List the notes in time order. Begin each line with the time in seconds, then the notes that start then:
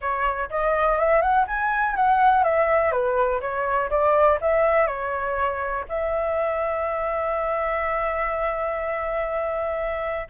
0.01 C#5
0.50 D#5
0.98 E5
1.21 F#5
1.47 G#5
1.95 F#5
2.43 E5
2.91 B4
3.40 C#5
3.90 D5
4.41 E5
4.86 C#5
5.88 E5